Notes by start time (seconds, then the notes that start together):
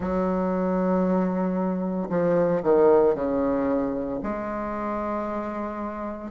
0.00 F#3
2.09 F3
2.62 D#3
3.14 C#3
4.22 G#3